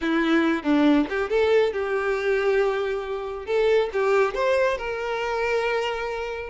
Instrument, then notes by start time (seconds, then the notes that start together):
violin
0.01 E4
0.63 D4
1.09 G4
1.29 A4
1.72 G4
3.46 A4
3.92 G4
4.34 C5
4.77 A#4